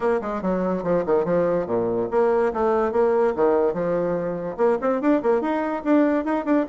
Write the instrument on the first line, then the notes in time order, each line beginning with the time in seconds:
bassoon
0.00 A#3
0.21 G#3
0.42 F#3
0.83 F3
1.06 D#3
1.24 F3
1.66 A#2
2.11 A#3
2.53 A3
2.92 A#3
3.35 D#3
3.73 F3
4.57 A#3
4.81 C4
5.01 D4
5.22 A#3
5.41 D#4
5.84 D4
6.24 D#4
6.45 D4